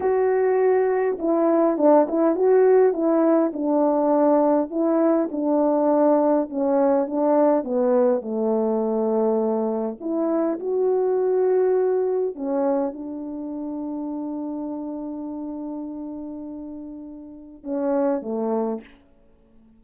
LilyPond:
\new Staff \with { instrumentName = "horn" } { \time 4/4 \tempo 4 = 102 fis'2 e'4 d'8 e'8 | fis'4 e'4 d'2 | e'4 d'2 cis'4 | d'4 b4 a2~ |
a4 e'4 fis'2~ | fis'4 cis'4 d'2~ | d'1~ | d'2 cis'4 a4 | }